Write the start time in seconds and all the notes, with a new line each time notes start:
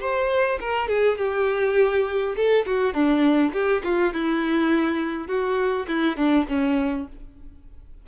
0.00 C5
0.60 A#4
0.88 G#4
1.17 G4
2.36 A4
2.66 F#4
2.94 D4
3.53 G4
3.84 F4
4.13 E4
5.28 F#4
5.87 E4
6.17 D4
6.48 C#4